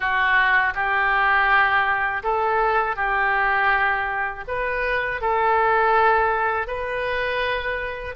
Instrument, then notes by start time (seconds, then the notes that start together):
oboe
0.00 F#4
0.74 G4
2.23 A4
2.96 G4
4.47 B4
5.21 A4
6.67 B4